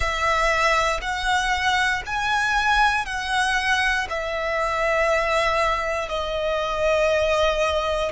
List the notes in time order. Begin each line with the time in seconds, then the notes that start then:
0.00 E5
1.01 F#5
2.06 G#5
3.05 F#5
4.09 E5
6.08 D#5